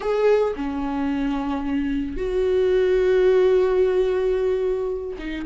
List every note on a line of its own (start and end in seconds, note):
0.00 0.54 G#4
0.56 2.16 C#4
2.16 5.16 F#4
5.18 5.45 D#4